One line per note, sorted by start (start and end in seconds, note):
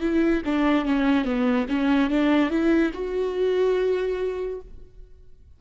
0.00 0.42 E4
0.45 0.85 D4
0.85 1.24 C#4
1.24 1.66 B3
1.68 2.09 C#4
2.09 2.50 D4
2.50 2.91 E4
2.94 4.60 F#4